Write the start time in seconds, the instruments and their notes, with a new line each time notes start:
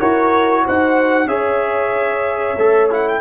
0.00 tuba E4, trombone F#4, horn A#4, trumpet C#5
0.65 tuba D#4, horn C5, trumpet F#5
1.26 tuba C#4, trombone G#4, horn C#5, trumpet E5
2.57 tuba A3, trombone A4
2.91 trombone E4, trumpet F#5
3.09 trumpet G5